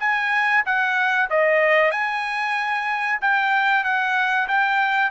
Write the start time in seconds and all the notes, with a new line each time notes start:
0.00 G#5
0.66 F#5
1.30 D#5
1.91 G#5
3.21 G5
3.84 F#5
4.48 G5